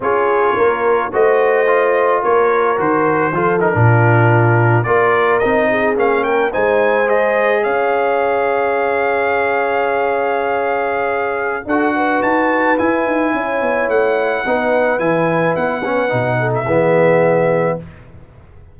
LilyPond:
<<
  \new Staff \with { instrumentName = "trumpet" } { \time 4/4 \tempo 4 = 108 cis''2 dis''2 | cis''4 c''4. ais'4.~ | ais'8. d''4 dis''4 f''8 g''8 gis''16~ | gis''8. dis''4 f''2~ f''16~ |
f''1~ | f''4 fis''4 a''4 gis''4~ | gis''4 fis''2 gis''4 | fis''4.~ fis''16 e''2~ e''16 | }
  \new Staff \with { instrumentName = "horn" } { \time 4/4 gis'4 ais'4 c''2 | ais'2 a'8. f'4~ f'16~ | f'8. ais'4. gis'4 ais'8 c''16~ | c''4.~ c''16 cis''2~ cis''16~ |
cis''1~ | cis''4 a'8 b'2~ b'8 | cis''2 b'2~ | b'4. a'8 gis'2 | }
  \new Staff \with { instrumentName = "trombone" } { \time 4/4 f'2 fis'4 f'4~ | f'4 fis'4 f'8 dis'16 d'4~ d'16~ | d'8. f'4 dis'4 cis'4 dis'16~ | dis'8. gis'2.~ gis'16~ |
gis'1~ | gis'4 fis'2 e'4~ | e'2 dis'4 e'4~ | e'8 cis'8 dis'4 b2 | }
  \new Staff \with { instrumentName = "tuba" } { \time 4/4 cis'4 ais4 a2 | ais4 dis4 f8. ais,4~ ais,16~ | ais,8. ais4 c'4 ais4 gis16~ | gis4.~ gis16 cis'2~ cis'16~ |
cis'1~ | cis'4 d'4 dis'4 e'8 dis'8 | cis'8 b8 a4 b4 e4 | b4 b,4 e2 | }
>>